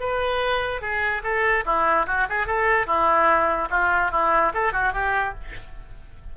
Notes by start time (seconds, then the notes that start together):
0.00 B4
0.81 G#4
1.23 A4
1.65 E4
2.07 F#4
2.29 G#4
2.46 A4
2.87 E4
3.70 F4
4.11 E4
4.54 A4
4.73 F#4
4.93 G4